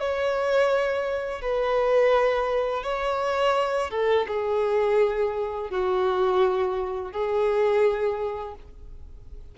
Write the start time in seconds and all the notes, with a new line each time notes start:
0.00 C#5
1.42 B4
2.83 C#5
3.91 A4
4.28 G#4
5.70 F#4
7.12 G#4